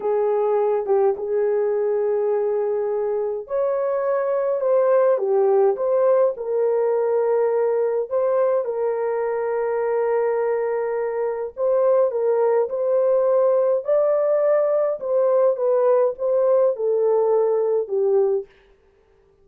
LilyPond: \new Staff \with { instrumentName = "horn" } { \time 4/4 \tempo 4 = 104 gis'4. g'8 gis'2~ | gis'2 cis''2 | c''4 g'4 c''4 ais'4~ | ais'2 c''4 ais'4~ |
ais'1 | c''4 ais'4 c''2 | d''2 c''4 b'4 | c''4 a'2 g'4 | }